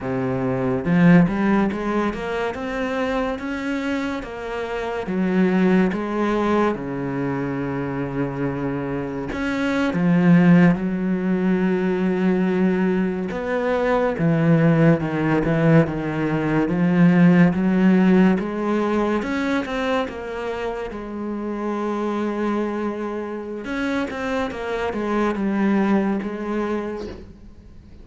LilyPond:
\new Staff \with { instrumentName = "cello" } { \time 4/4 \tempo 4 = 71 c4 f8 g8 gis8 ais8 c'4 | cis'4 ais4 fis4 gis4 | cis2. cis'8. f16~ | f8. fis2. b16~ |
b8. e4 dis8 e8 dis4 f16~ | f8. fis4 gis4 cis'8 c'8 ais16~ | ais8. gis2.~ gis16 | cis'8 c'8 ais8 gis8 g4 gis4 | }